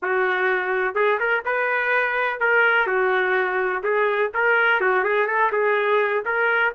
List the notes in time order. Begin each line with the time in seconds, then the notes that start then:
0.02 F#4
0.94 G#4
1.19 A#4
1.45 B4
2.40 A#4
2.86 F#4
3.83 G#4
4.34 A#4
4.80 F#4
5.04 G#4
5.27 A4
5.52 G#4
6.25 A#4